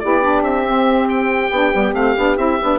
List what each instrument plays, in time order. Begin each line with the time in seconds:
0.00 bassoon B3, saxophone E4 G4, oboe D5
0.22 saxophone D4
0.42 bassoon C4, oboe E5
0.65 saxophone C4
1.09 oboe G5
1.52 bassoon B3, saxophone D4
1.74 bassoon G3, saxophone B3
1.94 bassoon A3, saxophone C4, oboe F5
2.17 bassoon B3, saxophone D4
2.38 bassoon C4, saxophone E4, oboe E5
2.62 bassoon B3, saxophone D4